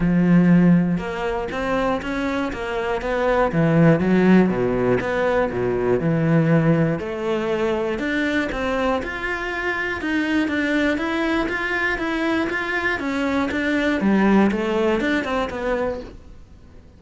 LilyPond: \new Staff \with { instrumentName = "cello" } { \time 4/4 \tempo 4 = 120 f2 ais4 c'4 | cis'4 ais4 b4 e4 | fis4 b,4 b4 b,4 | e2 a2 |
d'4 c'4 f'2 | dis'4 d'4 e'4 f'4 | e'4 f'4 cis'4 d'4 | g4 a4 d'8 c'8 b4 | }